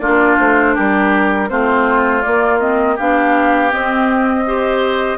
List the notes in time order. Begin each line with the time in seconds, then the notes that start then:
0.00 A#3 D4 F4 D5
0.40 A3 C5
0.75 G3 G4 A#4
1.49 A3 C4 F4 C5
2.22 A#3 D5
2.60 C4 D#5
2.96 B3 D4 G4 F5
3.71 C4 D#5
4.47 G4 C5